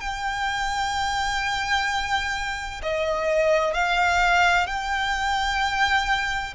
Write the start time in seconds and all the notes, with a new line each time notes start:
0.00 G5
2.83 D#5
3.74 F5
4.67 G5